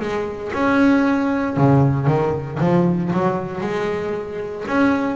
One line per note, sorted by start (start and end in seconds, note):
0.00 0.52 G#3
0.53 1.57 C#4
1.57 2.07 C#3
2.07 2.59 D#3
2.60 3.12 F3
3.13 3.61 F#3
3.61 4.64 G#3
4.68 5.16 C#4